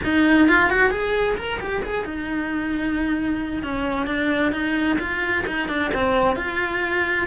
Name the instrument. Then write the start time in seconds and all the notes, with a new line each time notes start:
cello
0.04 D#4
0.48 F4
0.69 F#4
0.90 G#4
1.37 A#4
1.60 G4
1.83 G#4
2.04 D#4
3.62 C#4
4.06 D4
4.52 D#4
4.99 F4
5.46 D#4
5.68 D4
5.94 C4
6.36 F4